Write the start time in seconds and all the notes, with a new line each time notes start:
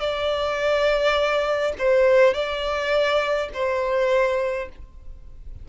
0.00 D5
1.78 C5
2.34 D5
3.53 C5